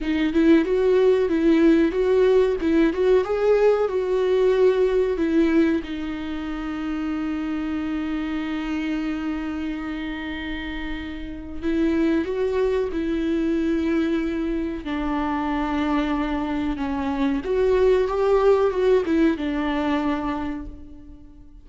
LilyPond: \new Staff \with { instrumentName = "viola" } { \time 4/4 \tempo 4 = 93 dis'8 e'8 fis'4 e'4 fis'4 | e'8 fis'8 gis'4 fis'2 | e'4 dis'2.~ | dis'1~ |
dis'2 e'4 fis'4 | e'2. d'4~ | d'2 cis'4 fis'4 | g'4 fis'8 e'8 d'2 | }